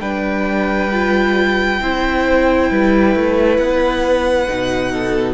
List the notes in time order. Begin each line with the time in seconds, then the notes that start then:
0.00 G3 D4 B4 G5
0.92 F4
1.81 C4 E4 C5
2.71 G3 B4
3.15 A3
3.57 B3 F#5
4.48 B2 D#4
4.93 A4